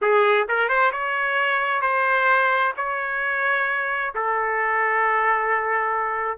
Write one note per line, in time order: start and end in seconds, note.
0.01 0.47 G#4
0.48 0.68 A#4
0.68 0.91 C5
0.92 1.81 C#5
1.81 2.73 C5
2.76 4.14 C#5
4.15 6.38 A4